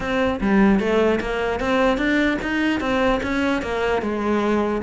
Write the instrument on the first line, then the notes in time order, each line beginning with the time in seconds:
cello
0.00 C4
0.40 G3
0.79 A3
1.20 A#3
1.59 C4
1.97 D4
2.41 D#4
2.80 C4
3.22 C#4
3.62 A#3
4.01 G#3